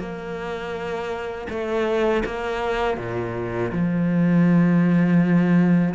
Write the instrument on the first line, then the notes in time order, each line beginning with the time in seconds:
cello
0.00 A#3
1.50 A3
2.26 A#3
2.98 A#2
3.73 F3